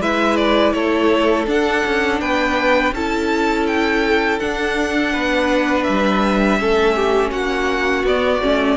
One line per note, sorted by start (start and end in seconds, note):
0.00 0.73 G#3
0.00 1.47 E4
0.00 0.74 B4
0.00 0.36 E5
0.36 0.73 D5
0.73 1.47 A3
0.73 2.21 A4
0.73 1.46 C#5
1.47 1.84 D4
1.47 2.93 D4
1.47 2.20 F#5
1.86 2.21 C#4
2.20 2.93 B3
2.20 2.94 B4
2.20 2.94 G5
2.93 4.39 C#4
2.93 4.40 E4
2.93 5.13 A4
2.93 3.66 A5
3.66 4.39 G5
4.39 6.59 D4
4.39 5.14 D4
4.39 5.83 F#5
5.13 5.88 B3
5.13 6.59 B4
5.83 6.61 G3
5.83 7.30 E5
6.59 7.31 A3
6.59 8.05 C#4
6.59 6.96 A4
6.96 7.31 G4
7.31 8.04 A#3
7.31 8.77 F#4
7.31 8.05 F#5
8.04 8.40 B3
8.04 8.41 B3
8.04 8.77 D5
8.41 8.77 A3
8.41 8.77 C#4